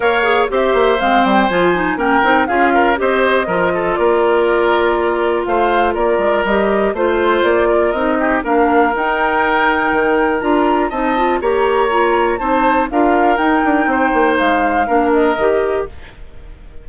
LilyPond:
<<
  \new Staff \with { instrumentName = "flute" } { \time 4/4 \tempo 4 = 121 f''4 e''4 f''8 g''8 gis''4 | g''4 f''4 dis''2 | d''2. f''4 | d''4 dis''4 c''4 d''4 |
dis''4 f''4 g''2~ | g''4 ais''4 a''4 ais''4~ | ais''4 a''4 f''4 g''4~ | g''4 f''4. dis''4. | }
  \new Staff \with { instrumentName = "oboe" } { \time 4/4 cis''4 c''2. | ais'4 gis'8 ais'8 c''4 ais'8 a'8 | ais'2. c''4 | ais'2 c''4. ais'8~ |
ais'8 g'8 ais'2.~ | ais'2 dis''4 cis''4~ | cis''4 c''4 ais'2 | c''2 ais'2 | }
  \new Staff \with { instrumentName = "clarinet" } { \time 4/4 ais'8 gis'8 g'4 c'4 f'8 dis'8 | cis'8 dis'8 f'4 g'4 f'4~ | f'1~ | f'4 g'4 f'2 |
dis'4 d'4 dis'2~ | dis'4 f'4 dis'8 f'8 g'4 | f'4 dis'4 f'4 dis'4~ | dis'2 d'4 g'4 | }
  \new Staff \with { instrumentName = "bassoon" } { \time 4/4 ais4 c'8 ais8 gis8 g8 f4 | ais8 c'8 cis'4 c'4 f4 | ais2. a4 | ais8 gis8 g4 a4 ais4 |
c'4 ais4 dis'2 | dis4 d'4 c'4 ais4~ | ais4 c'4 d'4 dis'8 d'8 | c'8 ais8 gis4 ais4 dis4 | }
>>